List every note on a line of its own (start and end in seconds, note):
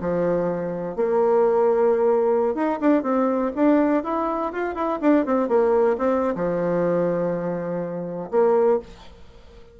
0.00 0.96 F3
0.96 2.54 A#3
2.55 2.79 D#4
2.80 3.03 D4
3.03 3.51 C4
3.55 4.04 D4
4.04 4.52 E4
4.52 4.75 F4
4.75 4.99 E4
5.01 5.25 D4
5.25 5.48 C4
5.48 5.97 A#3
5.98 6.35 C4
6.35 8.30 F3
8.31 8.80 A#3